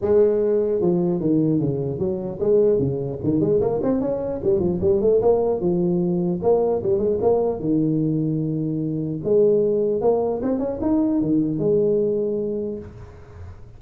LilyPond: \new Staff \with { instrumentName = "tuba" } { \time 4/4 \tempo 4 = 150 gis2 f4 dis4 | cis4 fis4 gis4 cis4 | dis8 gis8 ais8 c'8 cis'4 g8 f8 | g8 a8 ais4 f2 |
ais4 g8 gis8 ais4 dis4~ | dis2. gis4~ | gis4 ais4 c'8 cis'8 dis'4 | dis4 gis2. | }